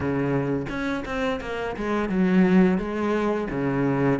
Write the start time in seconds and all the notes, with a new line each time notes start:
0.00 C#3
0.69 C#4
1.05 C4
1.40 A#3
1.76 G#3
2.09 F#3
2.78 G#3
3.50 C#3